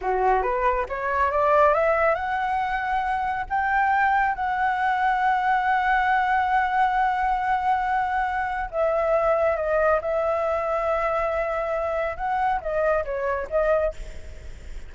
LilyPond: \new Staff \with { instrumentName = "flute" } { \time 4/4 \tempo 4 = 138 fis'4 b'4 cis''4 d''4 | e''4 fis''2. | g''2 fis''2~ | fis''1~ |
fis''1 | e''2 dis''4 e''4~ | e''1 | fis''4 dis''4 cis''4 dis''4 | }